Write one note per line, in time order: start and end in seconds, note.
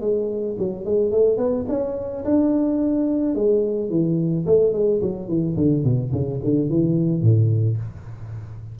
0.00 0.56 G#3
0.58 0.84 F#3
0.84 1.11 G#3
1.11 1.37 A3
1.37 1.65 B3
1.68 2.24 C#4
2.24 3.35 D4
3.35 3.90 G#3
3.90 4.45 E3
4.46 4.73 A3
4.73 5.01 G#3
5.01 5.28 F#3
5.28 5.55 E3
5.56 5.83 D3
5.83 6.11 B2
6.12 6.40 C#3
6.43 6.69 D3
6.69 7.21 E3
7.21 7.77 A2